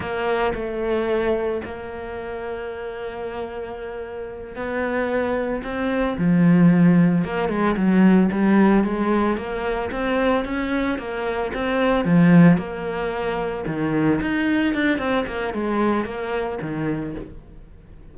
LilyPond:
\new Staff \with { instrumentName = "cello" } { \time 4/4 \tempo 4 = 112 ais4 a2 ais4~ | ais1~ | ais8 b2 c'4 f8~ | f4. ais8 gis8 fis4 g8~ |
g8 gis4 ais4 c'4 cis'8~ | cis'8 ais4 c'4 f4 ais8~ | ais4. dis4 dis'4 d'8 | c'8 ais8 gis4 ais4 dis4 | }